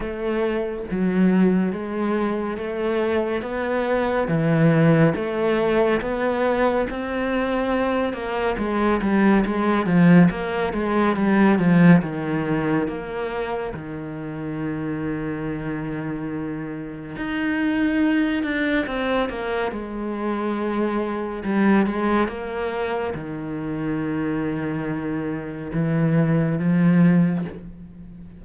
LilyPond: \new Staff \with { instrumentName = "cello" } { \time 4/4 \tempo 4 = 70 a4 fis4 gis4 a4 | b4 e4 a4 b4 | c'4. ais8 gis8 g8 gis8 f8 | ais8 gis8 g8 f8 dis4 ais4 |
dis1 | dis'4. d'8 c'8 ais8 gis4~ | gis4 g8 gis8 ais4 dis4~ | dis2 e4 f4 | }